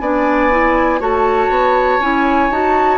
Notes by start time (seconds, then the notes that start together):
0.00 B3 D4 D5 G#5
0.51 E4
1.00 A3 F#4 C#5 A5
1.49 B3
1.99 C#4 E4 G#5
2.50 D#4 F#4 A5